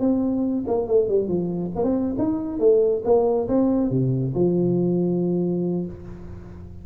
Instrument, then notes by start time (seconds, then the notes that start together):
tuba
0.00 C4
0.67 A#3
0.88 A3
1.09 G3
1.29 F3
1.75 A#3
1.83 C4
2.18 D#4
2.59 A3
3.05 A#3
3.48 C4
3.90 C3
4.35 F3